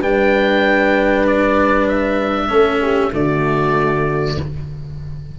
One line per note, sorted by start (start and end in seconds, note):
0.00 2.49 G3
0.00 2.48 D4
0.00 2.48 B4
0.00 1.26 G5
1.26 1.88 D5
1.88 3.13 E5
2.48 3.11 A3
2.48 3.11 C#4
2.48 2.80 A4
2.81 3.12 G4
3.12 4.37 D3
3.12 4.37 A3
3.12 4.39 F#4
3.12 4.39 D5